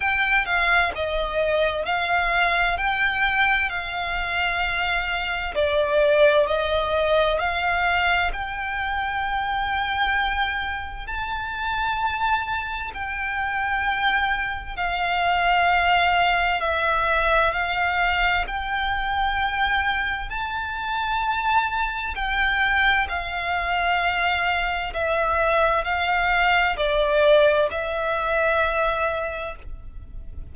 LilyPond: \new Staff \with { instrumentName = "violin" } { \time 4/4 \tempo 4 = 65 g''8 f''8 dis''4 f''4 g''4 | f''2 d''4 dis''4 | f''4 g''2. | a''2 g''2 |
f''2 e''4 f''4 | g''2 a''2 | g''4 f''2 e''4 | f''4 d''4 e''2 | }